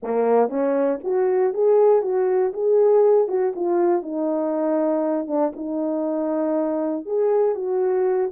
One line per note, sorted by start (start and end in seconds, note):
0.02 0.49 A#3
0.49 0.99 C#4
1.03 1.53 F#4
1.53 2.02 G#4
2.02 2.52 F#4
2.53 3.28 G#4
3.28 3.53 F#4
3.55 4.02 F4
4.02 5.27 D#4
5.27 5.52 D4
5.56 7.05 D#4
7.05 7.55 G#4
7.55 8.31 F#4